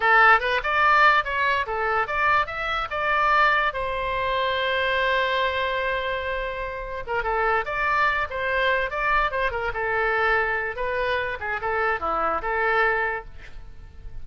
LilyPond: \new Staff \with { instrumentName = "oboe" } { \time 4/4 \tempo 4 = 145 a'4 b'8 d''4. cis''4 | a'4 d''4 e''4 d''4~ | d''4 c''2.~ | c''1~ |
c''4 ais'8 a'4 d''4. | c''4. d''4 c''8 ais'8 a'8~ | a'2 b'4. gis'8 | a'4 e'4 a'2 | }